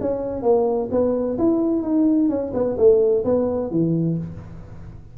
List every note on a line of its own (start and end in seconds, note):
0.00 0.42 C#4
0.42 0.89 A#3
0.91 1.37 B3
1.38 1.82 E4
1.82 2.29 D#4
2.29 2.52 C#4
2.53 2.77 B3
2.77 3.24 A3
3.24 3.71 B3
3.71 4.17 E3